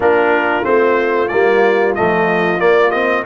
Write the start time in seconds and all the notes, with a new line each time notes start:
0.00 A#3 D4 F4 A#4
0.63 A3 C4 C5
1.27 G3 A#3 D5
1.94 F3 A3 D#5
2.58 A#3 D5
2.90 C4 D#5